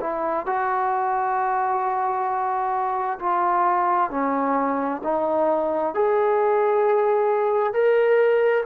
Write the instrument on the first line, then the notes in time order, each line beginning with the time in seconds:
trombone
0.00 E4
0.46 F#4
3.19 F4
4.10 C#4
5.03 D#4
5.94 G#4
7.73 A#4